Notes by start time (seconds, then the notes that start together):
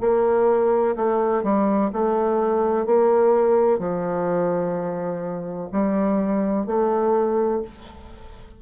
0.00 A#3
0.96 A3
1.43 G3
1.93 A3
2.86 A#3
3.79 F3
5.72 G3
6.67 A3